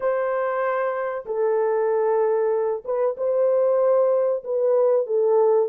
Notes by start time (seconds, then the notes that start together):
0.00 C5
1.25 A4
2.84 B4
3.17 C5
4.44 B4
5.06 A4